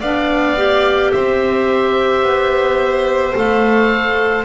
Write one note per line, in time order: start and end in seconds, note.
0.00 1.12 B3
0.00 0.56 D4
0.00 1.11 D5
0.00 1.11 F5
0.56 3.33 G4
1.11 2.23 C4
1.11 4.45 C5
1.11 3.34 E5
2.23 3.34 B3
3.33 4.45 A3
3.33 4.44 A4
3.33 4.45 F5